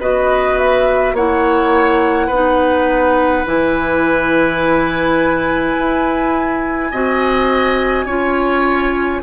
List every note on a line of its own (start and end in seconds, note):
0.00 1.13 B3
0.00 1.17 F#4
0.00 1.15 B4
0.00 0.58 D#5
0.58 1.16 E5
1.13 2.29 A#3
1.13 2.32 E4
1.13 2.27 C#5
1.13 3.47 F#5
2.27 3.45 B3
2.27 3.46 D#4
2.27 6.89 B4
3.46 5.77 E3
3.46 6.92 E4
3.46 9.23 G#5
5.78 6.93 E4
6.92 8.06 C4
6.92 8.08 F#4
6.92 8.06 D#5
8.06 9.21 C#4
8.06 9.23 F4
8.06 9.21 C#5